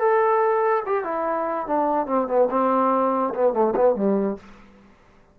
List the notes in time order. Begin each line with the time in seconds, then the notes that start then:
0.00 A4
0.86 G4
1.04 E4
1.67 D4
2.07 C4
2.28 B3
2.50 C4
3.35 B3
3.53 A3
3.76 B3
3.95 G3